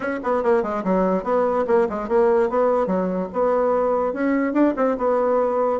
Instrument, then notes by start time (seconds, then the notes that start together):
bassoon
0.00 C#4
0.23 B3
0.43 A#3
0.63 G#3
0.84 F#3
1.23 B3
1.67 A#3
1.89 G#3
2.08 A#3
2.49 B3
2.86 F#3
3.33 B3
4.13 C#4
4.53 D4
4.76 C4
4.97 B3